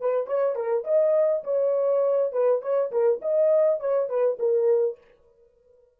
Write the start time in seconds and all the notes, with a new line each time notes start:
0.00 B4
0.26 C#5
0.55 A#4
0.84 D#5
1.43 C#5
2.32 B4
2.61 C#5
2.91 A#4
3.21 D#5
3.79 C#5
4.09 B4
4.39 A#4